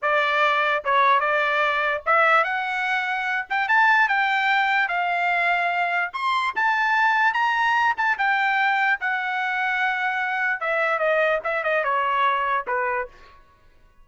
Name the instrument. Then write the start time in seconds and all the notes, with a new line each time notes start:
trumpet
0.01 D5
0.84 C#5
1.19 D5
2.05 E5
2.44 F#5
3.49 G5
3.68 A5
4.08 G5
4.88 F5
6.13 C6
6.55 A5
7.33 A#5
7.97 A5
8.18 G5
9.00 F#5
10.60 E5
10.98 D#5
11.44 E5
11.63 D#5
11.84 C#5
12.67 B4